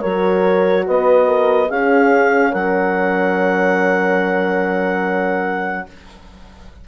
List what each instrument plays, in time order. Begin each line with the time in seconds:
0.00 bassoon F#3, horn F#4 A#4, clarinet C#5
0.86 bassoon B3, horn B4, clarinet D#5
1.27 horn A#4
1.68 bassoon C#4, horn C#4 G#4, clarinet F5
2.52 bassoon F#3, horn A#4, clarinet F#5